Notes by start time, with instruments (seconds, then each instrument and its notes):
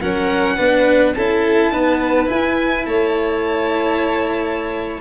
0.00 tuba F#3, cello C#4, violin A#4 F#5
0.56 tuba B3, cello D4, violin B4
1.14 tuba C#4, cello E4, violin A4 A5
1.71 cello B3, tuba D#4, violin B4
2.26 cello E4, tuba E4, violin G#5
2.85 tuba A3, violin C#5 A5